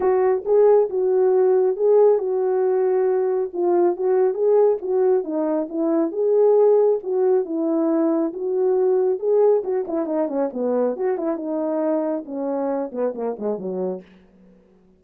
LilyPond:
\new Staff \with { instrumentName = "horn" } { \time 4/4 \tempo 4 = 137 fis'4 gis'4 fis'2 | gis'4 fis'2. | f'4 fis'4 gis'4 fis'4 | dis'4 e'4 gis'2 |
fis'4 e'2 fis'4~ | fis'4 gis'4 fis'8 e'8 dis'8 cis'8 | b4 fis'8 e'8 dis'2 | cis'4. b8 ais8 gis8 fis4 | }